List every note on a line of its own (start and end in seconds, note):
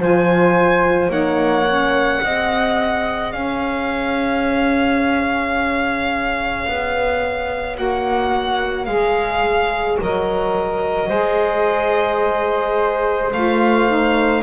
0.00 1.09 F3
0.00 1.11 F4
0.00 1.11 C5
0.00 1.12 G#5
1.09 2.21 A#3
1.09 1.66 D#4
1.09 2.22 C#5
1.09 3.33 F#5
1.68 2.23 C#4
2.23 3.34 C4
2.23 7.75 G#4
2.23 3.35 D#5
3.33 6.67 C#4
3.33 11.09 C#5
3.33 7.77 F5
6.68 7.78 B3
7.75 8.87 A#3
7.75 8.86 F#4
7.75 8.86 F#5
8.86 9.99 G#3
8.86 10.00 G#4
8.86 9.97 F5
10.01 11.10 F#3
10.01 11.09 A#4
10.01 13.33 D#5
11.09 13.33 G#3
11.09 13.31 G#4
11.09 14.42 C5
13.33 14.44 A3
13.33 13.89 F4
13.33 14.44 F5
13.89 14.44 D#4